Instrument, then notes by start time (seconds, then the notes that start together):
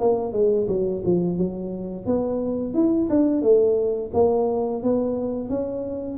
tuba
0.00 A#3
0.33 G#3
0.68 F#3
1.05 F3
1.38 F#3
2.06 B3
2.74 E4
3.10 D4
3.42 A3
4.14 A#3
4.83 B3
5.49 C#4